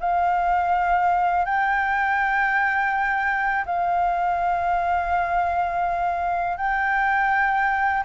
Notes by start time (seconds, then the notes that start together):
0.00 F5
1.45 G5
3.66 F5
6.57 G5